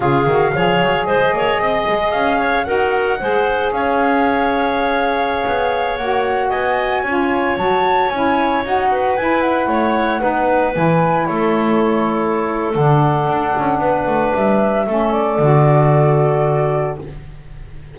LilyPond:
<<
  \new Staff \with { instrumentName = "flute" } { \time 4/4 \tempo 4 = 113 f''2 dis''2 | f''4 fis''2 f''4~ | f''2.~ f''16 fis''8.~ | fis''16 gis''2 a''4 gis''8.~ |
gis''16 fis''4 gis''8 fis''2~ fis''16~ | fis''16 gis''4 cis''2~ cis''8. | fis''2. e''4~ | e''8 d''2.~ d''8 | }
  \new Staff \with { instrumentName = "clarinet" } { \time 4/4 gis'4 cis''4 c''8 cis''8 dis''4~ | dis''8 cis''8 ais'4 c''4 cis''4~ | cis''1~ | cis''16 dis''4 cis''2~ cis''8.~ |
cis''8. b'4. cis''4 b'8.~ | b'4~ b'16 a'2~ a'8.~ | a'2 b'2 | a'1 | }
  \new Staff \with { instrumentName = "saxophone" } { \time 4/4 f'8 fis'8 gis'2.~ | gis'4 fis'4 gis'2~ | gis'2.~ gis'16 fis'8.~ | fis'4~ fis'16 f'4 fis'4 e'8.~ |
e'16 fis'4 e'2 dis'8.~ | dis'16 e'2.~ e'8. | d'1 | cis'4 fis'2. | }
  \new Staff \with { instrumentName = "double bass" } { \time 4/4 cis8 dis8 f8 fis8 gis8 ais8 c'8 gis8 | cis'4 dis'4 gis4 cis'4~ | cis'2~ cis'16 b4 ais8.~ | ais16 b4 cis'4 fis4 cis'8.~ |
cis'16 dis'4 e'4 a4 b8.~ | b16 e4 a2~ a8. | d4 d'8 cis'8 b8 a8 g4 | a4 d2. | }
>>